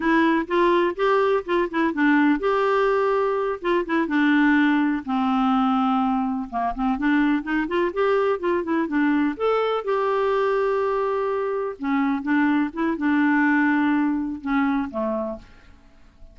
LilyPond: \new Staff \with { instrumentName = "clarinet" } { \time 4/4 \tempo 4 = 125 e'4 f'4 g'4 f'8 e'8 | d'4 g'2~ g'8 f'8 | e'8 d'2 c'4.~ | c'4. ais8 c'8 d'4 dis'8 |
f'8 g'4 f'8 e'8 d'4 a'8~ | a'8 g'2.~ g'8~ | g'8 cis'4 d'4 e'8 d'4~ | d'2 cis'4 a4 | }